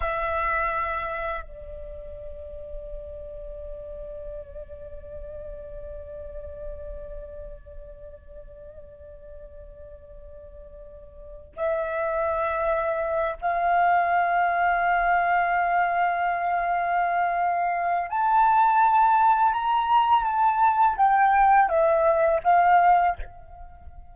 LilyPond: \new Staff \with { instrumentName = "flute" } { \time 4/4 \tempo 4 = 83 e''2 d''2~ | d''1~ | d''1~ | d''1 |
e''2~ e''8 f''4.~ | f''1~ | f''4 a''2 ais''4 | a''4 g''4 e''4 f''4 | }